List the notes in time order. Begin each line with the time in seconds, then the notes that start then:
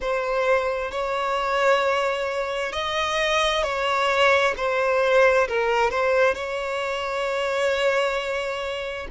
0.00 C5
0.91 C#5
2.72 D#5
3.63 C#5
4.56 C5
5.48 A#4
5.90 C5
6.34 C#5